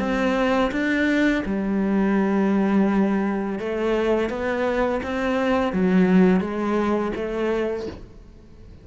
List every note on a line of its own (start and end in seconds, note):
0.00 0.71 C4
0.72 1.43 D4
1.46 3.60 G3
3.60 4.30 A3
4.30 5.01 B3
5.03 5.73 C4
5.73 6.41 F#3
6.41 7.12 G#3
7.16 7.87 A3